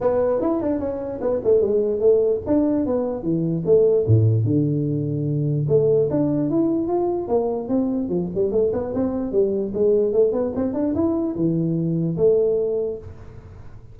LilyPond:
\new Staff \with { instrumentName = "tuba" } { \time 4/4 \tempo 4 = 148 b4 e'8 d'8 cis'4 b8 a8 | gis4 a4 d'4 b4 | e4 a4 a,4 d4~ | d2 a4 d'4 |
e'4 f'4 ais4 c'4 | f8 g8 a8 b8 c'4 g4 | gis4 a8 b8 c'8 d'8 e'4 | e2 a2 | }